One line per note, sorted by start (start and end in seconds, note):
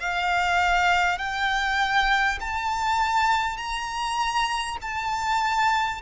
0.00 1.18 F5
1.18 2.38 G5
2.40 3.57 A5
3.57 4.77 A#5
4.81 6.01 A5